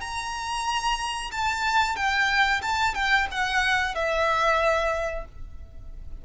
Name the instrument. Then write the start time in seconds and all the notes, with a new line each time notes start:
violin
0.00 A#5
1.31 A5
1.96 G5
2.62 A5
2.94 G5
3.31 F#5
3.95 E5